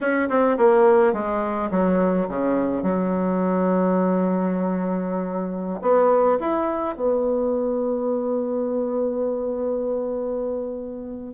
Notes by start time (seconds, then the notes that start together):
0.00 C#4
0.29 C4
0.57 A#3
1.13 G#3
1.71 F#3
2.28 C#3
2.83 F#3
5.81 B3
6.40 E4
6.95 B3